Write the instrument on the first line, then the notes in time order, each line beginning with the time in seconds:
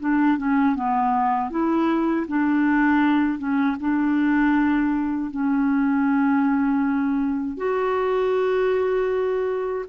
clarinet
0.00 D4
0.38 C#4
0.76 B3
1.51 E4
2.28 D4
3.39 C#4
3.80 D4
5.31 C#4
7.58 F#4